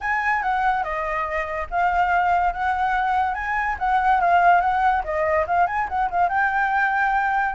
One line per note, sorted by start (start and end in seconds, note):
0.00 0.42 G#5
0.42 0.83 F#5
0.83 1.67 D#5
1.70 2.53 F5
2.53 3.34 F#5
3.34 3.76 G#5
3.79 4.21 F#5
4.21 4.60 F5
4.60 5.02 F#5
5.04 5.46 D#5
5.46 5.66 F5
5.66 5.87 G#5
5.88 6.09 F#5
6.10 6.29 F5
6.29 7.54 G5